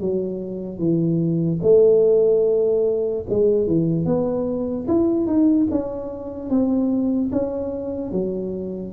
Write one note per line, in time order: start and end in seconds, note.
0.00 0.79 F#3
0.79 1.60 E3
1.62 3.24 A3
3.29 3.67 G#3
3.67 4.05 E3
4.05 4.86 B3
4.88 5.26 E4
5.26 5.67 D#4
5.71 6.50 C#4
6.50 7.31 C4
7.32 8.12 C#4
8.12 8.93 F#3